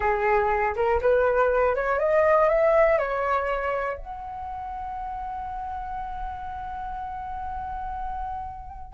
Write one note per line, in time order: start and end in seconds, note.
0.00 0.74 G#4
0.75 1.00 A#4
1.01 1.75 B4
1.75 1.99 C#5
1.99 2.48 D#5
2.49 2.98 E5
2.98 3.97 C#5
3.97 8.93 F#5